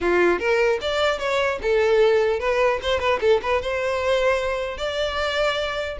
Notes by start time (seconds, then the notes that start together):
0.00 F4
0.39 A#4
0.81 D5
1.19 C#5
1.62 A4
2.39 B4
2.82 C5
2.99 B4
3.20 A4
3.42 B4
3.61 C5
4.77 D5